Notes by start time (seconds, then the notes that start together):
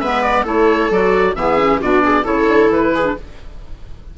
0.00 G#3 B3 B4 E5
0.22 D5
0.43 A3 E4 A4 C#5
0.91 F#3 F#4 D5
1.36 E3 B3 G#4 E5
1.58 C#4
1.81 B2 D4 F#4 D5
2.04 G#4
2.24 C#3 E4 A4 C#5
2.48 D3
2.69 E3 B4
2.95 G#4
3.03 D4